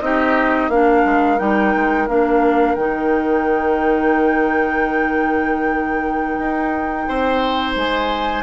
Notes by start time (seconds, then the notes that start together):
0.00 C4 D#4 G4 D#5
0.69 A#3 D4 A#4 F5
1.05 G#3
1.38 G3 D#4 G5
1.75 G#3
2.08 A#3 D4 F5
2.75 D#3 D#4 G5
6.38 D#4
7.08 C4 C5
7.76 G#3 G#5